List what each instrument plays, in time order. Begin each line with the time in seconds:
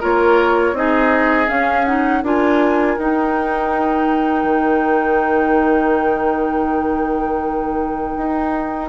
0.00 bassoon A#3, clarinet F4, oboe A#4, flute C#5
0.73 bassoon C4, clarinet D#4, oboe G#4, flute D#5
1.47 clarinet C#4, bassoon C#4, flute F5
1.85 clarinet D#4, flute F#5
2.23 bassoon D4, clarinet F4, oboe A#4, flute G#5
2.98 bassoon D#4, clarinet D#4, flute G5
4.44 bassoon D#3
8.17 bassoon D#4